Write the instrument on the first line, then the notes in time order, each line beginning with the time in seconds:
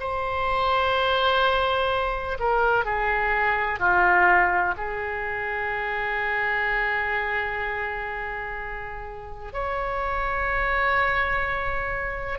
oboe
0.00 C5
2.40 A#4
2.85 G#4
3.80 F4
4.77 G#4
9.53 C#5